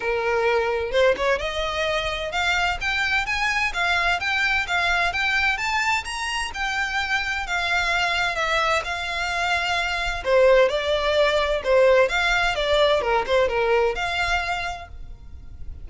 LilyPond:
\new Staff \with { instrumentName = "violin" } { \time 4/4 \tempo 4 = 129 ais'2 c''8 cis''8 dis''4~ | dis''4 f''4 g''4 gis''4 | f''4 g''4 f''4 g''4 | a''4 ais''4 g''2 |
f''2 e''4 f''4~ | f''2 c''4 d''4~ | d''4 c''4 f''4 d''4 | ais'8 c''8 ais'4 f''2 | }